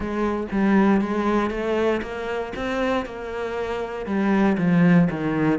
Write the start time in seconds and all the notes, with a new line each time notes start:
0.00 G#3
0.51 G3
1.01 G#3
1.50 A3
2.02 A#3
2.55 C4
3.05 A#3
4.05 G3
4.57 F3
5.10 D#3